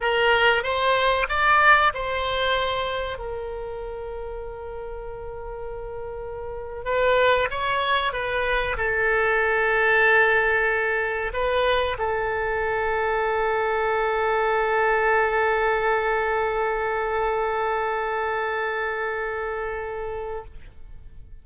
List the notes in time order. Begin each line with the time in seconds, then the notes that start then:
0.00 A#4
0.63 C5
1.29 D5
1.94 C5
3.18 A#4
6.84 B4
7.50 C#5
8.12 B4
8.77 A4
11.33 B4
11.98 A4